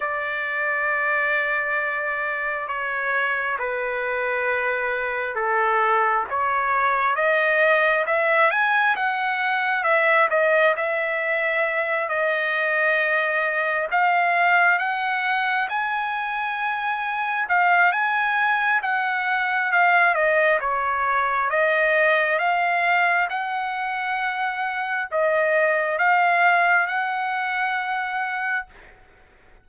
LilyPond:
\new Staff \with { instrumentName = "trumpet" } { \time 4/4 \tempo 4 = 67 d''2. cis''4 | b'2 a'4 cis''4 | dis''4 e''8 gis''8 fis''4 e''8 dis''8 | e''4. dis''2 f''8~ |
f''8 fis''4 gis''2 f''8 | gis''4 fis''4 f''8 dis''8 cis''4 | dis''4 f''4 fis''2 | dis''4 f''4 fis''2 | }